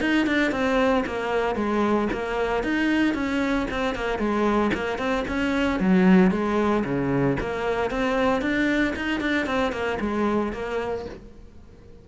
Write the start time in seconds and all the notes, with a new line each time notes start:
0.00 D#4
0.26 D4
0.51 C4
1.06 A#3
1.55 G#3
2.12 A#3
2.63 D#4
3.14 C#4
3.70 C4
3.95 A#3
4.18 G#3
4.73 A#3
4.98 C4
5.27 C#4
5.79 F#3
6.31 G#3
6.84 C#3
7.40 A#3
7.90 C4
8.41 D4
8.96 D#4
9.20 D4
9.46 C4
9.72 A#3
10.00 G#3
10.52 A#3